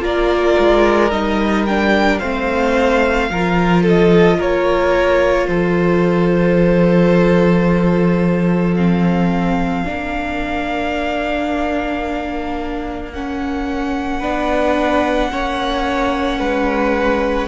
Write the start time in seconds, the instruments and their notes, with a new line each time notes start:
0.00 cello A#3, viola F4, violin A#4 D5
0.59 cello G#3
1.11 cello G3, viola D#4, violin D#5
1.66 viola D4, violin G5
2.18 cello A3, viola C4, violin C5 F5
3.30 cello F3, viola F4, violin A#4
3.82 violin A4 D#5
4.37 cello A#3, violin A#4 C#5
5.47 cello F3, violin A4 C5
8.75 viola C4, violin F5
9.85 cello A#3, viola D4, violin A#4
13.12 viola C#4, violin F#5
14.20 cello B3, viola D4, violin B4
15.31 cello A#3, viola C#4, violin C#5
16.39 cello G#3, violin B4